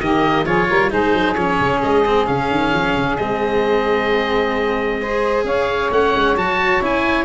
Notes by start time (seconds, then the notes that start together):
0.00 D#3 A#3 G4 D#5
0.44 F3 F4 G#4 C#5
0.69 G3 A#4
0.90 G#3 D#4 G#4 C5
1.13 F#3
1.34 F3 C#4 C#5
1.60 C#3
1.83 G#3 D#5
2.05 C4
2.26 C#3 C#4 F5
2.50 D#3
2.73 F3
2.96 C#3
3.17 G#3 C4 D#5
5.00 G#4 C5
5.44 C#4 C#5 F5
5.91 A3 C#4 F#5
6.14 G#3
6.36 F#3 F#4 A5
6.81 C#4 E4 G#5